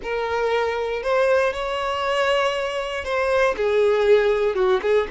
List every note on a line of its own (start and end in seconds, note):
0.02 1.02 A#4
1.02 1.53 C5
1.53 3.04 C#5
3.04 3.55 C5
3.56 4.55 G#4
4.55 4.80 F#4
4.82 5.07 G#4